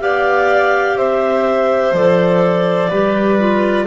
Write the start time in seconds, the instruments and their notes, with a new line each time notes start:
0.00 double bass B3, clarinet G4 F5, violin D5
0.96 double bass C4, violin C5, clarinet E5
1.92 double bass F3, clarinet A4 D5
2.89 double bass G3, clarinet G4, violin B4
3.39 clarinet F4